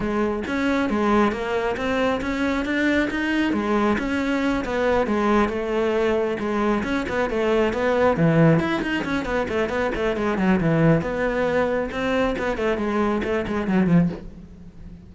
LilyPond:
\new Staff \with { instrumentName = "cello" } { \time 4/4 \tempo 4 = 136 gis4 cis'4 gis4 ais4 | c'4 cis'4 d'4 dis'4 | gis4 cis'4. b4 gis8~ | gis8 a2 gis4 cis'8 |
b8 a4 b4 e4 e'8 | dis'8 cis'8 b8 a8 b8 a8 gis8 fis8 | e4 b2 c'4 | b8 a8 gis4 a8 gis8 fis8 f8 | }